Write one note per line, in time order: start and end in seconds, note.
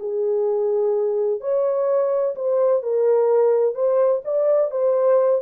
0.00 1.41 G#4
1.41 2.35 C#5
2.35 2.83 C5
2.83 3.75 A#4
3.75 4.22 C5
4.25 4.71 D5
4.71 5.42 C5